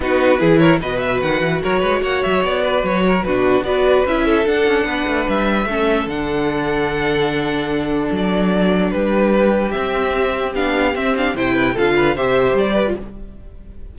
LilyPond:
<<
  \new Staff \with { instrumentName = "violin" } { \time 4/4 \tempo 4 = 148 b'4. cis''8 dis''8 e''8 fis''4 | cis''4 fis''8 e''8 d''4 cis''4 | b'4 d''4 e''4 fis''4~ | fis''4 e''2 fis''4~ |
fis''1 | d''2 b'2 | e''2 f''4 e''8 f''8 | g''4 f''4 e''4 d''4 | }
  \new Staff \with { instrumentName = "violin" } { \time 4/4 fis'4 gis'8 ais'8 b'2 | ais'8 b'8 cis''4. b'4 ais'8 | fis'4 b'4. a'4. | b'2 a'2~ |
a'1~ | a'2 g'2~ | g'1 | c''8 b'8 a'8 b'8 c''4. b'8 | }
  \new Staff \with { instrumentName = "viola" } { \time 4/4 dis'4 e'4 fis'2~ | fis'1 | d'4 fis'4 e'4 d'4~ | d'2 cis'4 d'4~ |
d'1~ | d'1 | c'2 d'4 c'8 d'8 | e'4 f'4 g'4.~ g'16 f'16 | }
  \new Staff \with { instrumentName = "cello" } { \time 4/4 b4 e4 b,4 dis8 e8 | fis8 gis8 ais8 fis8 b4 fis4 | b,4 b4 cis'4 d'8 cis'8 | b8 a8 g4 a4 d4~ |
d1 | fis2 g2 | c'2 b4 c'4 | c4 d4 c4 g4 | }
>>